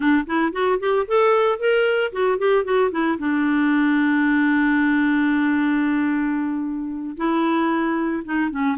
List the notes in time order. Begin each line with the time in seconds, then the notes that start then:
0.00 D4
0.26 E4
0.52 F#4
0.79 G4
1.07 A4
1.59 A#4
2.12 F#4
2.38 G4
2.64 F#4
2.91 E4
3.18 D4
7.17 E4
8.24 D#4
8.50 C#4